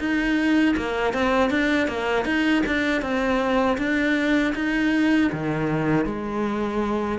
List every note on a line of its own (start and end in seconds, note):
0.00 0.76 D#4
0.77 1.14 A#3
1.14 1.51 C4
1.51 1.88 D4
1.88 2.25 A#3
2.25 2.63 D#4
2.67 3.02 D4
3.02 3.78 C4
3.78 4.54 D4
4.56 5.32 D#4
5.33 6.06 D#3
6.06 7.19 G#3